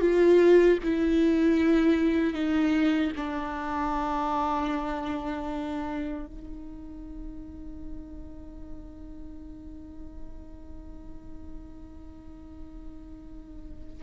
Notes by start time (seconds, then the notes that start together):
0.00 F4
0.83 E4
2.33 D#4
3.16 D4
6.26 D#4